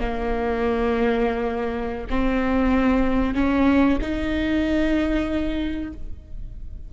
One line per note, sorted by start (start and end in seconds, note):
0.00 2.07 A#3
2.10 3.35 C4
3.35 3.99 C#4
4.02 5.93 D#4